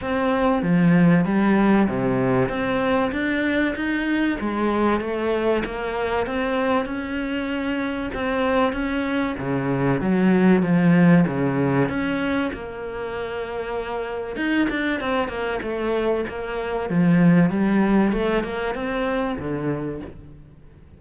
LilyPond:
\new Staff \with { instrumentName = "cello" } { \time 4/4 \tempo 4 = 96 c'4 f4 g4 c4 | c'4 d'4 dis'4 gis4 | a4 ais4 c'4 cis'4~ | cis'4 c'4 cis'4 cis4 |
fis4 f4 cis4 cis'4 | ais2. dis'8 d'8 | c'8 ais8 a4 ais4 f4 | g4 a8 ais8 c'4 d4 | }